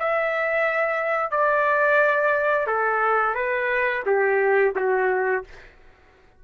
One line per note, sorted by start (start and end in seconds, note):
0.00 1.31 E5
1.31 2.67 D5
2.67 3.35 A4
3.35 4.04 B4
4.06 4.74 G4
4.76 5.45 F#4